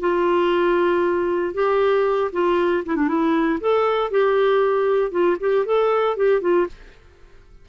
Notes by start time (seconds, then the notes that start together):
0.00 F4
1.54 G4
2.33 F4
2.86 E4
2.96 D4
3.08 E4
3.61 A4
4.11 G4
5.11 F4
5.40 G4
5.66 A4
6.17 G4
6.41 F4